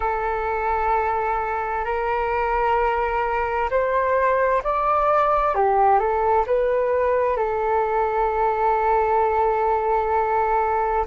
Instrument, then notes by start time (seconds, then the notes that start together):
flute
0.00 A4
1.85 A#4
3.70 C5
4.63 D5
5.54 G4
5.99 A4
6.46 B4
7.36 A4